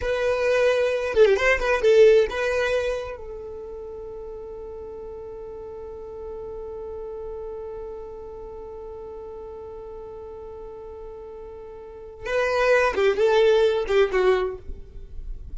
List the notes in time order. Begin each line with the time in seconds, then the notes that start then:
0.01 B4
1.14 A4
1.25 G4
1.36 C5
1.59 B4
1.81 A4
2.30 B4
3.17 A4
12.25 B4
12.95 G4
13.17 A4
13.87 G4
14.12 F#4